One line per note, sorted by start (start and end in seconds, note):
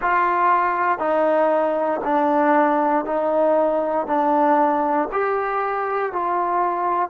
0.01 0.98 F4
0.98 2.00 D#4
2.03 3.05 D4
3.05 4.06 D#4
4.07 5.08 D4
5.11 6.12 G4
6.12 7.09 F4